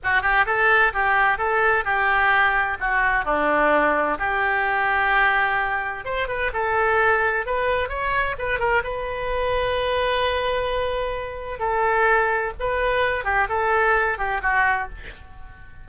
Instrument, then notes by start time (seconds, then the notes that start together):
oboe
0.03 F#4
0.22 G4
0.46 A4
0.93 G4
1.37 A4
1.84 G4
2.79 F#4
3.25 D4
4.18 G4
6.04 C5
6.27 B4
6.53 A4
7.46 B4
7.89 C#5
8.38 B4
8.59 A#4
8.83 B4
11.59 A4
12.59 B4
13.24 G4
13.48 A4
14.17 G4
14.42 F#4